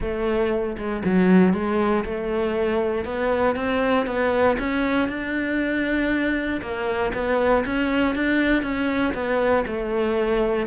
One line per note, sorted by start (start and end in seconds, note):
0.00 0.77 A3
0.77 1.03 G#3
1.04 1.53 F#3
1.53 2.04 G#3
2.05 3.04 A3
3.04 3.55 B3
3.55 4.06 C4
4.06 4.57 B3
4.58 5.08 C#4
5.08 6.61 D4
6.61 7.12 A#3
7.13 7.64 B3
7.65 8.15 C#4
8.15 8.62 D4
8.62 9.13 C#4
9.14 9.64 B3
9.66 10.66 A3